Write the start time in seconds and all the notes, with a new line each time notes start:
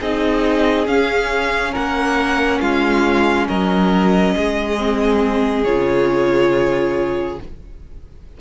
0.00 C4 D#4 G#4 D#5
0.86 C#4 F5
1.72 A#3 A#4 F#5
2.60 G#3 F4 F5
3.48 F#3 A#4 D#5
4.36 G#3 G#4
4.78 C4
5.64 C#3 F4 C#5